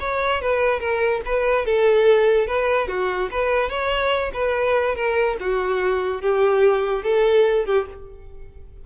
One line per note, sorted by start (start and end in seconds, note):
0.00 0.41 C#5
0.42 0.80 B4
0.80 1.21 A#4
1.26 1.66 B4
1.66 2.47 A4
2.47 2.88 B4
2.88 3.30 F#4
3.31 3.69 B4
3.69 4.31 C#5
4.33 4.95 B4
4.95 5.37 A#4
5.40 6.21 F#4
6.21 7.03 G4
7.03 7.66 A4
7.66 7.86 G4